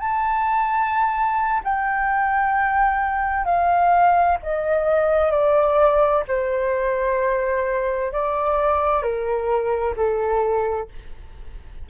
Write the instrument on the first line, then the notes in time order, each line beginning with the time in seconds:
flute
0.00 A5
1.64 G5
3.45 F5
4.43 D#5
5.31 D5
6.28 C5
8.12 D5
9.03 A#4
9.96 A4